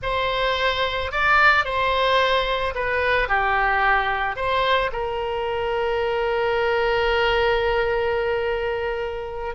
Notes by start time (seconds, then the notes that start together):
0.02 C5
1.11 D5
1.64 C5
2.74 B4
3.28 G4
4.36 C5
4.92 A#4